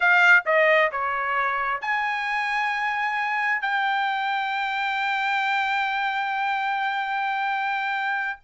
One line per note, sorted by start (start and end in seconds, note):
0.00 0.43 F5
0.45 0.91 D#5
0.91 1.81 C#5
1.81 3.61 G#5
3.61 8.38 G5